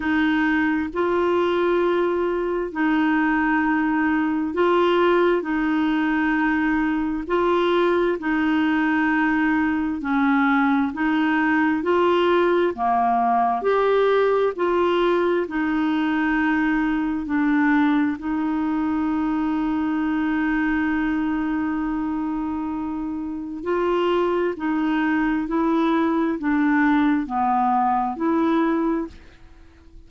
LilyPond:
\new Staff \with { instrumentName = "clarinet" } { \time 4/4 \tempo 4 = 66 dis'4 f'2 dis'4~ | dis'4 f'4 dis'2 | f'4 dis'2 cis'4 | dis'4 f'4 ais4 g'4 |
f'4 dis'2 d'4 | dis'1~ | dis'2 f'4 dis'4 | e'4 d'4 b4 e'4 | }